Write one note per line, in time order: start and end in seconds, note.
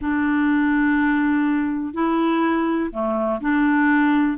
0.01 1.93 D4
1.93 2.90 E4
2.91 3.40 A3
3.40 4.37 D4